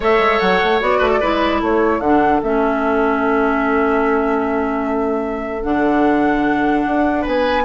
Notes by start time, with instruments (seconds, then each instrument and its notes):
0.00 bassoon A3, clarinet A4, oboe C#5, flute E5
0.18 bassoon G#3
0.39 bassoon F#3, flute F#5
0.63 bassoon A3
0.80 bassoon B3, clarinet F#4, flute D5
0.98 bassoon A3, oboe B4
1.08 oboe A4
1.20 bassoon G#3, clarinet E4, oboe B4
1.60 bassoon A3, oboe A4, flute C#5
1.99 bassoon D3, clarinet D4, flute F#5
2.42 bassoon A3, clarinet C#4, flute E5
5.63 bassoon D3, clarinet D4, flute F#5
6.86 bassoon D4
7.21 bassoon B3, oboe B4, flute G#5